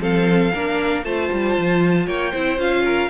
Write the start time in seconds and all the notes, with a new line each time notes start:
0.00 F3 C4 A4 F5
0.53 A#3 D4 A#4
1.04 A3 F4 C5 A5
1.32 G3
1.58 F3
2.07 A#3 C#5 G5
2.32 C4 E4 C5
2.58 C#4 F4 F5
2.85 A#4